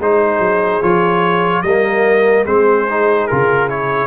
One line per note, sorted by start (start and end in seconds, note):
0.00 0.40 G#3
0.00 0.83 D#4
0.00 1.64 G#4
0.00 0.83 C5
0.40 0.81 F#3
0.83 1.63 F3
0.83 1.65 F4
0.83 1.62 C#5
1.62 2.45 G3
1.62 2.46 A#3
1.62 2.45 A#4
1.62 2.45 D#5
2.45 3.28 G#3
2.45 2.87 C4
2.45 4.07 G#4
2.45 3.27 C5
2.90 3.31 D#4
3.27 4.07 C#3
3.27 3.69 F4
3.27 3.68 A#4
3.69 4.07 E4
3.69 4.07 C#5